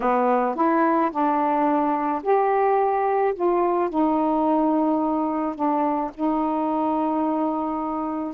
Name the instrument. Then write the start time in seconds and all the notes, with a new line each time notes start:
saxophone
0.00 B3
0.55 E4
1.11 D4
2.22 G4
3.35 F4
3.89 D#4
5.55 D4
6.14 D#4